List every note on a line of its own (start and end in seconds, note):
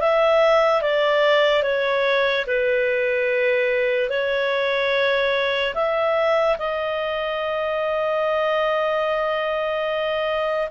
0.00 0.82 E5
0.82 1.63 D5
1.63 2.45 C#5
2.47 4.09 B4
4.09 5.74 C#5
5.75 6.57 E5
6.58 10.69 D#5